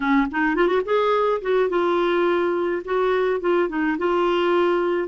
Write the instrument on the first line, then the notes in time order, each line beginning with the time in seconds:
clarinet
0.00 C#4
0.31 D#4
0.55 F4
0.67 F#4
0.84 G#4
1.41 F#4
1.69 F4
2.84 F#4
3.40 F4
3.68 D#4
3.98 F4